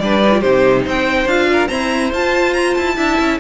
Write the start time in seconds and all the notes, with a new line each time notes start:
0.00 G3 D4 B4 D5
0.23 D#4
0.32 F4
0.41 C3 D#4 G4 C5
0.84 C4 C5 G5
1.26 D4 F4 F5
1.52 A#4
1.68 C4 E4 C5 A#5
2.13 F4 A5
2.54 A#5
2.75 E4 A5
2.97 D4 E4 E5
3.20 C#4